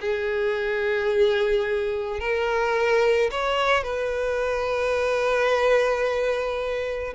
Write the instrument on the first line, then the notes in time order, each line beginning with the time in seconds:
violin
0.00 G#4
2.20 A#4
3.31 C#5
3.83 B4